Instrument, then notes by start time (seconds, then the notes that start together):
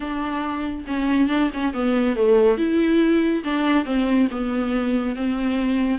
viola
0.00 D4
0.87 C#4
1.29 D4
1.53 C#4
1.73 B3
2.16 A3
2.57 E4
3.44 D4
3.85 C4
4.30 B3
5.15 C4